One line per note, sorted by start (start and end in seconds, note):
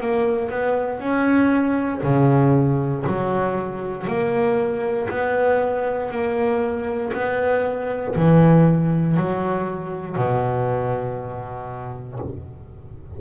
0.00 0.49 A#3
0.49 0.99 B3
0.99 2.01 C#4
2.03 3.05 C#3
3.06 4.07 F#3
4.07 5.08 A#3
5.09 6.10 B3
6.10 7.12 A#3
7.13 8.14 B3
8.15 9.16 E3
9.16 10.16 F#3
10.16 12.19 B2